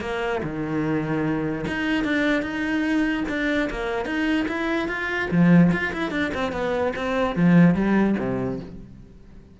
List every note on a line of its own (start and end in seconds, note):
0.00 0.41 A#3
0.42 1.65 D#3
1.67 2.04 D#4
2.04 2.42 D4
2.42 3.24 D#4
3.28 3.69 D4
3.70 4.05 A#3
4.05 4.46 D#4
4.48 4.88 E4
4.88 5.29 F4
5.31 5.71 F3
5.72 5.92 F4
5.92 6.11 E4
6.11 6.31 D4
6.34 6.52 C4
6.52 6.93 B3
6.95 7.35 C4
7.35 7.74 F3
7.74 8.15 G3
8.19 8.59 C3